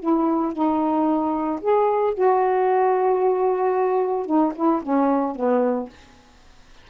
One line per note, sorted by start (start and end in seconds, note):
0.00 0.53 E4
0.53 1.60 D#4
1.61 2.15 G#4
2.15 4.26 F#4
4.26 4.53 D#4
4.56 4.82 E4
4.83 5.36 C#4
5.36 5.90 B3